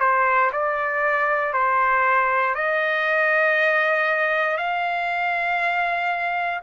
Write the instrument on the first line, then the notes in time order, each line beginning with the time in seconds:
trumpet
0.00 C5
0.53 D5
1.53 C5
2.55 D#5
4.57 F5